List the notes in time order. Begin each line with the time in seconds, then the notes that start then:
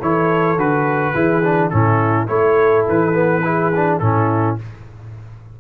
0.00 E3 E4 A4 C#5
0.58 D3 F#4 B4
1.14 E3 E4 G#4
1.44 D4
1.70 A2 C#4 E4 A4
2.27 A3 E4 A4 C#5
2.89 E3 B4
3.14 B3
3.44 E4 G#4
3.76 D4
4.00 A2 C#4 E4 A4